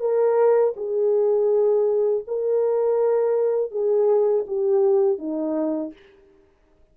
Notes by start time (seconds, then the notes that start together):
0.00 A#4
0.76 G#4
2.27 A#4
3.71 G#4
4.47 G4
5.19 D#4